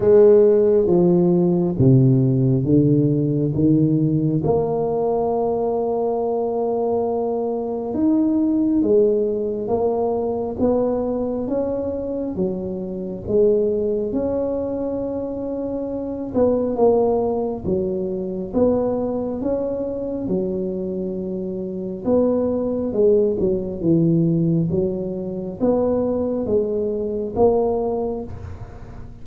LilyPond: \new Staff \with { instrumentName = "tuba" } { \time 4/4 \tempo 4 = 68 gis4 f4 c4 d4 | dis4 ais2.~ | ais4 dis'4 gis4 ais4 | b4 cis'4 fis4 gis4 |
cis'2~ cis'8 b8 ais4 | fis4 b4 cis'4 fis4~ | fis4 b4 gis8 fis8 e4 | fis4 b4 gis4 ais4 | }